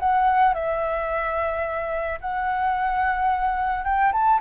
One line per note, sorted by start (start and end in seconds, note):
0.00 0.54 F#5
0.54 2.19 E5
2.21 3.85 F#5
3.85 4.12 G5
4.13 4.40 A5